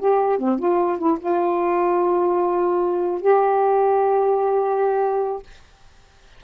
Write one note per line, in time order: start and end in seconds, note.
0.00 0.39 G4
0.39 0.59 C4
0.59 0.99 F4
0.99 1.19 E4
1.20 3.21 F4
3.22 5.43 G4